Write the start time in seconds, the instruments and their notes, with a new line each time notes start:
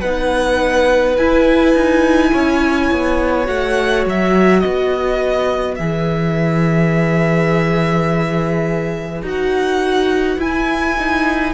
0.00 cello B3, viola D#4, violin B4 F#5
1.17 cello E4, viola E4, violin G#5
1.74 cello D#4
2.32 cello C#4, violin C#5
2.91 cello B3
3.45 cello A3, viola F#4, violin F#5
4.06 cello F#3, violin E5
4.59 violin B4 D#5
4.65 cello B3
5.75 cello E3, viola G#4, violin E5
9.22 cello D#4, viola F#4, violin F#5
10.38 cello E4, viola E4, violin G#5
10.99 viola D#4